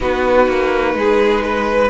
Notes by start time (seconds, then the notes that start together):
0.00 B3 D#4 F#4 B4
0.47 A#3
0.94 G#3 G#4
1.44 B4